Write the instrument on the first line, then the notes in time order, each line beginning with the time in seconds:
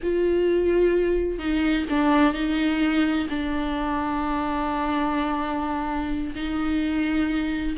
viola
0.02 F4
1.38 D#4
1.89 D4
2.33 D#4
3.29 D4
6.35 D#4